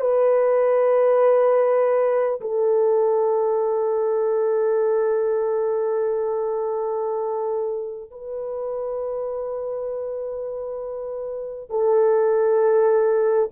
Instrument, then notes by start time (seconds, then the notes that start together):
horn
0.00 B4
2.40 A4
8.10 B4
11.70 A4